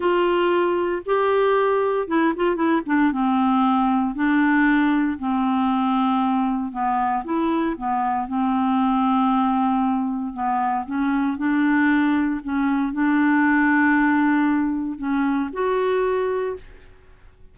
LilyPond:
\new Staff \with { instrumentName = "clarinet" } { \time 4/4 \tempo 4 = 116 f'2 g'2 | e'8 f'8 e'8 d'8 c'2 | d'2 c'2~ | c'4 b4 e'4 b4 |
c'1 | b4 cis'4 d'2 | cis'4 d'2.~ | d'4 cis'4 fis'2 | }